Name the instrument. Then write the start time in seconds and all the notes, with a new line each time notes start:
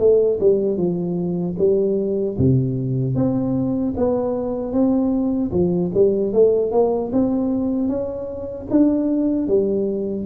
tuba
0.00 A3
0.40 G3
0.78 F3
1.59 G3
2.39 C3
3.15 C4
3.97 B3
4.73 C4
5.52 F3
5.95 G3
6.33 A3
6.72 A#3
7.13 C4
7.89 C#4
8.71 D4
9.48 G3